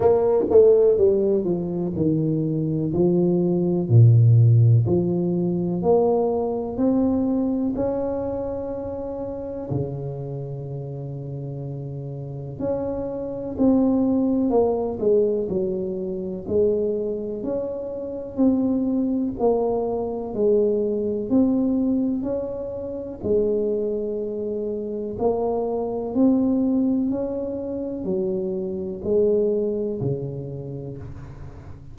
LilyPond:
\new Staff \with { instrumentName = "tuba" } { \time 4/4 \tempo 4 = 62 ais8 a8 g8 f8 dis4 f4 | ais,4 f4 ais4 c'4 | cis'2 cis2~ | cis4 cis'4 c'4 ais8 gis8 |
fis4 gis4 cis'4 c'4 | ais4 gis4 c'4 cis'4 | gis2 ais4 c'4 | cis'4 fis4 gis4 cis4 | }